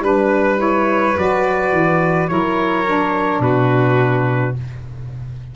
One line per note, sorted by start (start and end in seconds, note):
0.00 1.13 G3
0.00 0.57 D4
0.00 2.29 B4
0.00 0.60 B4
0.57 1.13 E4
0.57 1.17 C#5
1.16 1.72 F#3
1.16 2.28 F#4
1.16 2.28 D5
1.72 2.29 E3
2.28 3.39 F#3
2.28 2.84 E4
2.28 3.42 A#4
2.28 3.41 C#5
2.85 4.55 D4
3.39 4.52 B2
3.39 4.55 F#4
3.39 4.55 B4